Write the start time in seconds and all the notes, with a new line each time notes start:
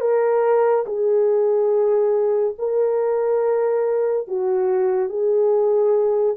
0.00 A#4
0.85 G#4
2.58 A#4
4.27 F#4
5.09 G#4